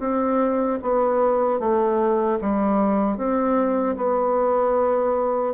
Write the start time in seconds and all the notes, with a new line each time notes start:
0.00 C4
0.83 B3
1.60 A3
2.42 G3
3.18 C4
3.97 B3